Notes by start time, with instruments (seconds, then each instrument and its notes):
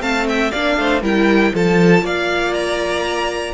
0.00 cello A3, viola C4, violin F5 A5
0.28 violin E5 G5
0.51 cello A#3, viola D4, violin D5 F5
0.77 cello A3, violin C5
1.02 cello G3, viola E4, violin A#4 G5
1.54 cello F3, viola F4, violin A4 A5
2.02 cello A#3, violin D5 F5
2.54 violin A#5